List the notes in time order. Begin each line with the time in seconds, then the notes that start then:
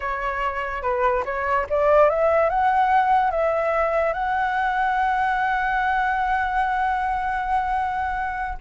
0.00 C#5
0.82 B4
1.25 C#5
1.69 D5
2.09 E5
2.49 F#5
3.30 E5
4.13 F#5